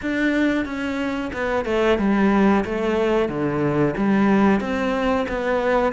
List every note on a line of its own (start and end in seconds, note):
0.02 0.65 D4
0.65 1.31 C#4
1.33 1.65 B3
1.65 1.98 A3
1.98 2.64 G3
2.65 3.28 A3
3.28 3.94 D3
3.97 4.60 G3
4.60 5.26 C4
5.28 5.93 B3